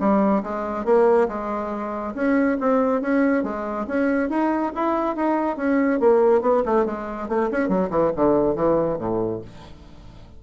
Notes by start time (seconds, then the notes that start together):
0.00 G3
0.44 G#3
0.85 A#3
1.28 G#3
2.15 C#4
2.61 C4
3.02 C#4
3.44 G#3
3.87 C#4
4.30 D#4
4.75 E4
5.16 D#4
5.57 C#4
6.00 A#3
6.42 B3
6.66 A3
6.86 G#3
7.29 A3
7.52 C#4
7.69 F#3
7.91 E3
8.16 D3
8.56 E3
8.99 A2